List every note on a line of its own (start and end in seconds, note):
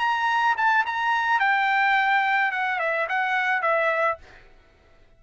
0.00 0.56 A#5
0.57 0.85 A5
0.86 1.40 A#5
1.40 2.52 G5
2.52 2.80 F#5
2.80 3.07 E5
3.09 3.62 F#5
3.62 4.18 E5